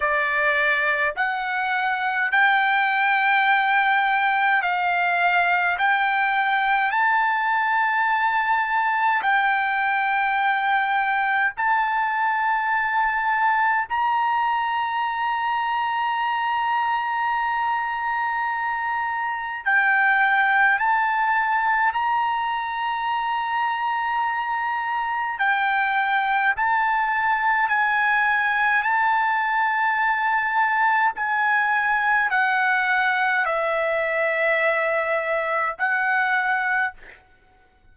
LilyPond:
\new Staff \with { instrumentName = "trumpet" } { \time 4/4 \tempo 4 = 52 d''4 fis''4 g''2 | f''4 g''4 a''2 | g''2 a''2 | ais''1~ |
ais''4 g''4 a''4 ais''4~ | ais''2 g''4 a''4 | gis''4 a''2 gis''4 | fis''4 e''2 fis''4 | }